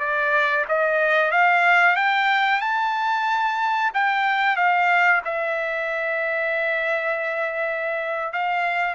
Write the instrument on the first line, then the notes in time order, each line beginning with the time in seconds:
trumpet
0.00 D5
0.69 D#5
1.31 F5
1.97 G5
2.61 A5
3.94 G5
4.57 F5
5.25 E5
8.33 F5